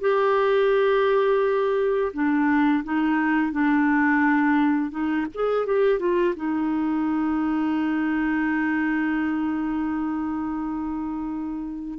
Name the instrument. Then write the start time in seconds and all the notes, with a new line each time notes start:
clarinet
0.00 G4
2.13 D4
2.84 D#4
3.52 D4
4.91 D#4
5.34 G#4
5.66 G4
5.99 F4
6.35 D#4